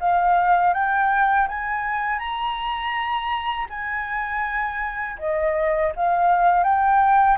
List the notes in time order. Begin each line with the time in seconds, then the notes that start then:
0.00 F5
0.74 G5
1.48 G#5
2.19 A#5
3.70 G#5
5.18 D#5
5.96 F5
6.64 G5